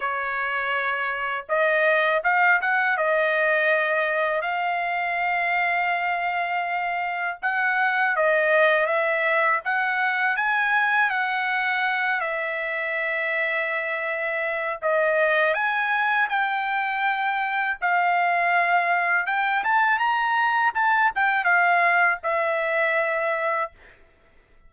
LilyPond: \new Staff \with { instrumentName = "trumpet" } { \time 4/4 \tempo 4 = 81 cis''2 dis''4 f''8 fis''8 | dis''2 f''2~ | f''2 fis''4 dis''4 | e''4 fis''4 gis''4 fis''4~ |
fis''8 e''2.~ e''8 | dis''4 gis''4 g''2 | f''2 g''8 a''8 ais''4 | a''8 g''8 f''4 e''2 | }